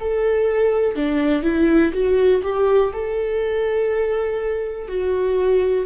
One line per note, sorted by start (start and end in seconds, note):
0.00 0.96 A4
0.96 1.43 D4
1.43 1.92 E4
1.93 2.42 F#4
2.43 2.92 G4
2.93 4.88 A4
4.88 5.86 F#4